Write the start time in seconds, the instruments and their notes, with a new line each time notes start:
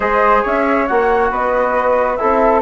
0.00 bassoon G#3, trombone G#4, flute C5 D#5
0.42 bassoon C#4, flute C#5 E5
0.87 bassoon A#3, trombone F#4, flute F#5
1.30 bassoon B3, flute B4 D#5
2.16 bassoon C4, trombone E4, flute A4 E5